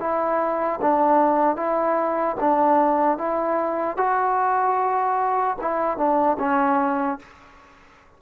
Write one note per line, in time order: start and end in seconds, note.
0.00 0.80 E4
0.82 1.56 D4
1.56 2.36 E4
2.40 3.18 D4
3.18 3.97 E4
3.97 5.57 F#4
5.61 5.97 E4
5.97 6.37 D4
6.39 7.19 C#4